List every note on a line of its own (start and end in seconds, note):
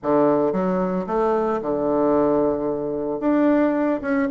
0.02 0.52 D3
0.52 1.05 F#3
1.06 1.60 A3
1.62 3.20 D3
3.20 4.00 D4
4.01 4.28 C#4